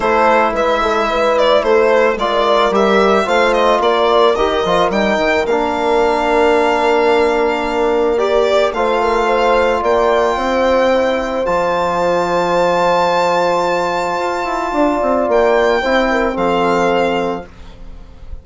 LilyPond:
<<
  \new Staff \with { instrumentName = "violin" } { \time 4/4 \tempo 4 = 110 c''4 e''4. d''8 c''4 | d''4 e''4 f''8 dis''8 d''4 | dis''4 g''4 f''2~ | f''2. d''4 |
f''2 g''2~ | g''4 a''2.~ | a''1 | g''2 f''2 | }
  \new Staff \with { instrumentName = "horn" } { \time 4/4 a'4 b'8 a'8 b'4 a'4 | ais'2 c''4 ais'4~ | ais'1~ | ais'1 |
c''8 ais'8 c''4 d''4 c''4~ | c''1~ | c''2. d''4~ | d''4 c''8 ais'8 a'2 | }
  \new Staff \with { instrumentName = "trombone" } { \time 4/4 e'1 | f'4 g'4 f'2 | g'8 f'8 dis'4 d'2~ | d'2. g'4 |
f'1 | e'4 f'2.~ | f'1~ | f'4 e'4 c'2 | }
  \new Staff \with { instrumentName = "bassoon" } { \time 4/4 a4 gis2 a4 | gis4 g4 a4 ais4 | dis8 f8 g8 dis8 ais2~ | ais1 |
a2 ais4 c'4~ | c'4 f2.~ | f2 f'8 e'8 d'8 c'8 | ais4 c'4 f2 | }
>>